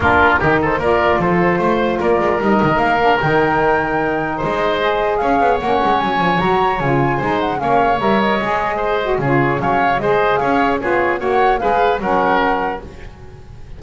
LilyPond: <<
  \new Staff \with { instrumentName = "flute" } { \time 4/4 \tempo 4 = 150 ais'4. c''8 d''4 c''4~ | c''4 d''4 dis''4 f''4 | g''2. dis''4~ | dis''4 f''4 fis''4 gis''4 |
ais''4 gis''4. fis''8 f''4 | e''8 dis''2~ dis''8 cis''4 | f''4 dis''4 f''4 cis''4 | fis''4 f''4 fis''2 | }
  \new Staff \with { instrumentName = "oboe" } { \time 4/4 f'4 g'8 a'8 ais'4 a'4 | c''4 ais'2.~ | ais'2. c''4~ | c''4 cis''2.~ |
cis''2 c''4 cis''4~ | cis''2 c''4 gis'4 | cis''4 c''4 cis''4 gis'4 | cis''4 b'4 ais'2 | }
  \new Staff \with { instrumentName = "saxophone" } { \time 4/4 d'4 dis'4 f'2~ | f'2 dis'4. d'8 | dis'1 | gis'2 cis'2 |
fis'4 f'4 dis'4 cis'4 | ais'4 gis'4. fis'8 f'4 | cis'4 gis'2 f'4 | fis'4 gis'4 cis'2 | }
  \new Staff \with { instrumentName = "double bass" } { \time 4/4 ais4 dis4 ais4 f4 | a4 ais8 gis8 g8 dis8 ais4 | dis2. gis4~ | gis4 cis'8 b8 ais8 gis8 fis8 f8 |
fis4 cis4 gis4 ais4 | g4 gis2 cis4 | fis4 gis4 cis'4 b4 | ais4 gis4 fis2 | }
>>